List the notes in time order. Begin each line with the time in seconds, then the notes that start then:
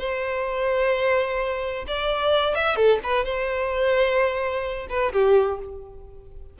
0.00 C5
1.88 D5
2.56 E5
2.76 A4
3.04 B4
3.25 C5
4.90 B4
5.13 G4